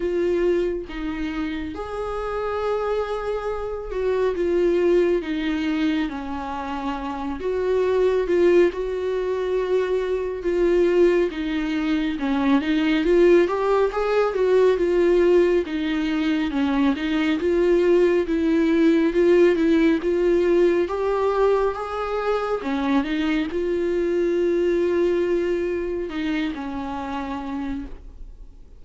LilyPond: \new Staff \with { instrumentName = "viola" } { \time 4/4 \tempo 4 = 69 f'4 dis'4 gis'2~ | gis'8 fis'8 f'4 dis'4 cis'4~ | cis'8 fis'4 f'8 fis'2 | f'4 dis'4 cis'8 dis'8 f'8 g'8 |
gis'8 fis'8 f'4 dis'4 cis'8 dis'8 | f'4 e'4 f'8 e'8 f'4 | g'4 gis'4 cis'8 dis'8 f'4~ | f'2 dis'8 cis'4. | }